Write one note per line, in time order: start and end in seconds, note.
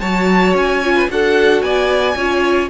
0.00 0.53 F#3
0.00 0.84 F#4
0.00 0.94 C#5
0.00 0.54 A5
0.53 1.07 C#4
0.53 1.09 G#5
0.84 1.08 F4
0.95 1.08 B4
1.08 1.61 D4
1.08 2.16 F#4
1.08 1.64 A4
1.08 1.61 F#5
1.61 2.15 B3
1.61 2.16 D5
1.61 2.69 G#5
2.16 2.69 C#4
2.16 2.69 F4
2.16 2.69 C#5